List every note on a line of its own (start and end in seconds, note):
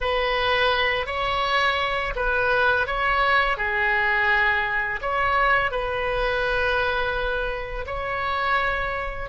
0.01 1.06 B4
1.06 2.13 C#5
2.15 2.86 B4
2.86 3.57 C#5
3.57 5.00 G#4
5.01 5.71 C#5
5.71 7.85 B4
7.86 9.29 C#5